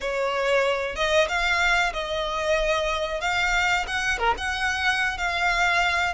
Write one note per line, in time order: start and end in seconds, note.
0.00 0.95 C#5
0.95 1.27 D#5
1.28 1.92 F5
1.93 3.21 D#5
3.21 3.85 F5
3.87 4.18 F#5
4.18 4.34 A#4
4.37 5.17 F#5
5.17 6.14 F5